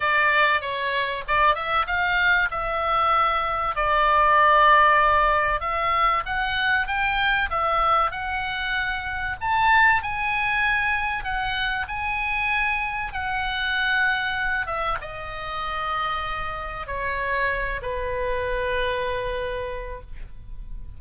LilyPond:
\new Staff \with { instrumentName = "oboe" } { \time 4/4 \tempo 4 = 96 d''4 cis''4 d''8 e''8 f''4 | e''2 d''2~ | d''4 e''4 fis''4 g''4 | e''4 fis''2 a''4 |
gis''2 fis''4 gis''4~ | gis''4 fis''2~ fis''8 e''8 | dis''2. cis''4~ | cis''8 b'2.~ b'8 | }